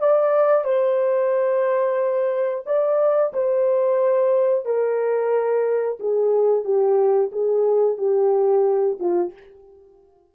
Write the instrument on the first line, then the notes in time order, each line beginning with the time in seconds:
horn
0.00 D5
0.65 C5
2.66 D5
3.34 C5
4.65 A#4
6.00 G#4
6.64 G4
7.32 G#4
7.98 G4
9.00 F4